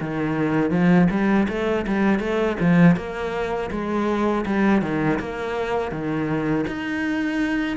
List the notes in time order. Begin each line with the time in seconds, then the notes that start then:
0.00 D#3
0.70 F3
1.10 G3
1.48 A3
1.87 G3
2.19 A3
2.60 F3
2.96 A#3
3.70 G#3
4.45 G3
4.81 D#3
5.19 A#3
5.91 D#3
6.67 D#4